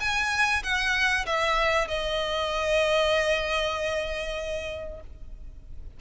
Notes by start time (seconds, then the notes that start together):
0.00 G#5
0.63 F#5
1.26 E5
1.88 D#5